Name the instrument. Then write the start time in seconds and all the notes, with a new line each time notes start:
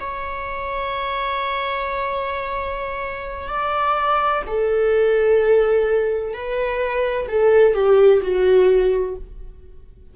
viola
0.00 C#5
3.48 D5
4.47 A4
6.33 B4
7.28 A4
7.74 G4
8.22 F#4